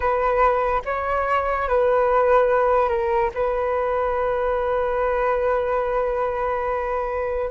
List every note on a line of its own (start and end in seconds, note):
0.00 0.81 B4
0.85 1.68 C#5
1.68 2.88 B4
2.88 3.30 A#4
3.34 7.50 B4